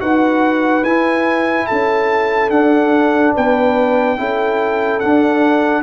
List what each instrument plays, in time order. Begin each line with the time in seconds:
0.00 tuba D#4, trombone F#4, horn B4, trumpet F#5
0.84 tuba E4, trombone E4, trumpet G#5
1.67 tuba C#4, horn A4, trumpet A5
2.49 tuba D4, trombone D4, trumpet F#5
3.35 tuba B3, horn B4, trumpet G5
4.18 tuba C#4, trombone E4, horn A4
5.00 trombone D4, tuba D4, trumpet F#5